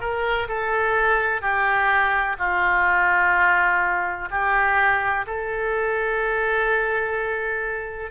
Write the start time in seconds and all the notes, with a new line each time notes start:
0.00 A#4
0.48 A4
1.42 G4
2.39 F4
4.31 G4
5.26 A4